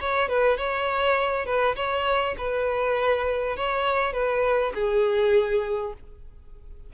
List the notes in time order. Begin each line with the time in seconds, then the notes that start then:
0.00 C#5
0.29 B4
0.58 C#5
1.46 B4
1.76 C#5
2.38 B4
3.57 C#5
4.13 B4
4.75 G#4